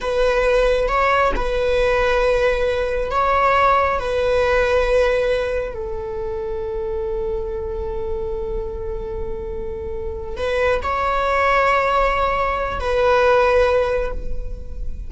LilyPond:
\new Staff \with { instrumentName = "viola" } { \time 4/4 \tempo 4 = 136 b'2 cis''4 b'4~ | b'2. cis''4~ | cis''4 b'2.~ | b'4 a'2.~ |
a'1~ | a'2.~ a'8 b'8~ | b'8 cis''2.~ cis''8~ | cis''4 b'2. | }